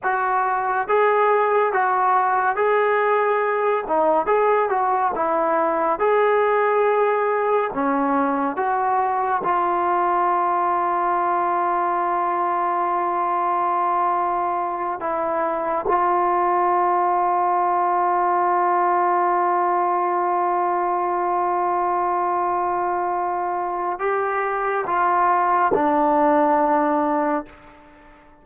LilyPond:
\new Staff \with { instrumentName = "trombone" } { \time 4/4 \tempo 4 = 70 fis'4 gis'4 fis'4 gis'4~ | gis'8 dis'8 gis'8 fis'8 e'4 gis'4~ | gis'4 cis'4 fis'4 f'4~ | f'1~ |
f'4. e'4 f'4.~ | f'1~ | f'1 | g'4 f'4 d'2 | }